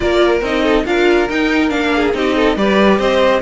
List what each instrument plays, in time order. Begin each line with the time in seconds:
0.00 cello A#3, viola F4, violin A#4 D5
0.41 cello C4, viola D#4, violin D#5
0.63 violin A4
0.85 cello D4, viola F4, violin A#4 F5
1.29 viola D#4, cello D#4, violin G5
1.68 cello A#3, viola D4, violin F5
1.95 violin G#4
2.13 cello C4, viola D#4, violin G4 D#5
2.35 violin A4
2.56 cello G3, viola G4, violin B4 D5
2.98 cello C4, violin C5 D#5